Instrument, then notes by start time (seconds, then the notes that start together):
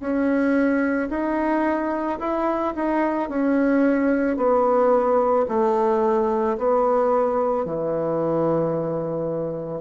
bassoon
0.00 C#4
1.10 D#4
2.20 E4
2.75 D#4
3.29 C#4
4.37 B3
5.48 A3
6.58 B3
7.65 E3